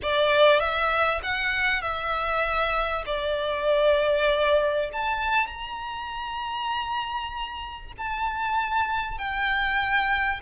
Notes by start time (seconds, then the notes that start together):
0.02 D5
0.59 E5
1.22 F#5
1.81 E5
3.06 D5
4.92 A5
5.47 A#5
7.97 A5
9.18 G5